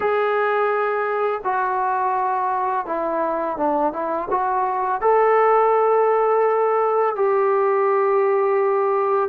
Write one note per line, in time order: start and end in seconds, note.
0.00 1.41 G#4
1.44 2.86 F#4
2.86 3.57 E4
3.57 3.92 D4
3.92 4.28 E4
4.30 5.01 F#4
5.01 7.15 A4
7.15 9.29 G4